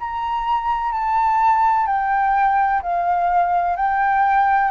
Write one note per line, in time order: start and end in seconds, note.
0.00 0.92 A#5
0.92 1.87 A5
1.87 2.82 G5
2.82 3.76 F5
3.76 4.71 G5